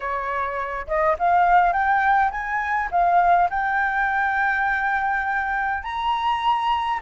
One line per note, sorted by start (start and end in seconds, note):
0.00 0.86 C#5
0.87 1.16 D#5
1.18 1.72 F5
1.72 2.30 G5
2.31 2.89 G#5
2.91 3.49 F5
3.50 5.83 G5
5.83 6.99 A#5